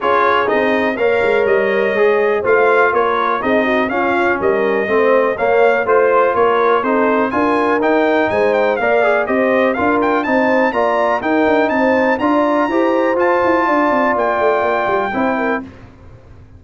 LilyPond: <<
  \new Staff \with { instrumentName = "trumpet" } { \time 4/4 \tempo 4 = 123 cis''4 dis''4 f''4 dis''4~ | dis''4 f''4 cis''4 dis''4 | f''4 dis''2 f''4 | c''4 cis''4 c''4 gis''4 |
g''4 gis''8 g''8 f''4 dis''4 | f''8 g''8 a''4 ais''4 g''4 | a''4 ais''2 a''4~ | a''4 g''2. | }
  \new Staff \with { instrumentName = "horn" } { \time 4/4 gis'2 cis''2~ | cis''4 c''4 ais'4 gis'8 fis'8 | f'4 ais'4 c''4 cis''4 | c''4 ais'4 a'4 ais'4~ |
ais'4 c''4 d''4 c''4 | ais'4 c''4 d''4 ais'4 | c''4 d''4 c''2 | d''2. c''8 ais'8 | }
  \new Staff \with { instrumentName = "trombone" } { \time 4/4 f'4 dis'4 ais'2 | gis'4 f'2 dis'4 | cis'2 c'4 ais4 | f'2 dis'4 f'4 |
dis'2 ais'8 gis'8 g'4 | f'4 dis'4 f'4 dis'4~ | dis'4 f'4 g'4 f'4~ | f'2. e'4 | }
  \new Staff \with { instrumentName = "tuba" } { \time 4/4 cis'4 c'4 ais8 gis8 g4 | gis4 a4 ais4 c'4 | cis'4 g4 a4 ais4 | a4 ais4 c'4 d'4 |
dis'4 gis4 ais4 c'4 | d'4 c'4 ais4 dis'8 d'8 | c'4 d'4 e'4 f'8 e'8 | d'8 c'8 ais8 a8 ais8 g8 c'4 | }
>>